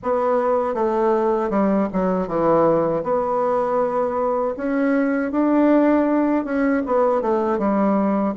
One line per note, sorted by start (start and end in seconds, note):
0.02 0.74 B3
0.74 1.50 A3
1.50 1.88 G3
1.93 2.27 F#3
2.27 3.03 E3
3.03 4.55 B3
4.56 5.31 C#4
5.31 6.44 D4
6.44 6.82 C#4
6.86 7.21 B3
7.21 7.58 A3
7.58 8.34 G3